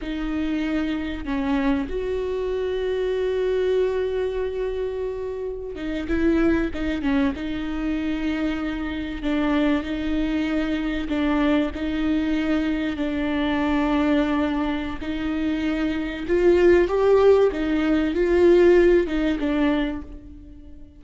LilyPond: \new Staff \with { instrumentName = "viola" } { \time 4/4 \tempo 4 = 96 dis'2 cis'4 fis'4~ | fis'1~ | fis'4~ fis'16 dis'8 e'4 dis'8 cis'8 dis'16~ | dis'2~ dis'8. d'4 dis'16~ |
dis'4.~ dis'16 d'4 dis'4~ dis'16~ | dis'8. d'2.~ d'16 | dis'2 f'4 g'4 | dis'4 f'4. dis'8 d'4 | }